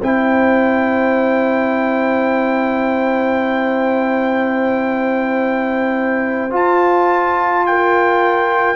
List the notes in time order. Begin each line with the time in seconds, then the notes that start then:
0.00 C4 E4 C5 G5
6.50 F4 A5
7.66 A#4 G5